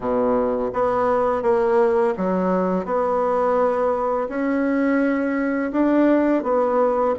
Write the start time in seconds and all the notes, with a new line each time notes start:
0.00 B2
0.73 B3
1.42 A#3
2.17 F#3
2.85 B3
4.29 C#4
5.71 D4
6.43 B3